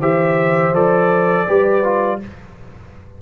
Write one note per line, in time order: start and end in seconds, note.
0.00 0.74 E3
0.00 0.74 G4
0.00 1.46 C5
0.00 0.75 E5
0.74 1.47 F3
0.74 1.48 A4
0.74 2.21 D5
1.47 2.22 G3
1.47 1.84 G4
1.47 2.20 B4
1.84 2.21 F4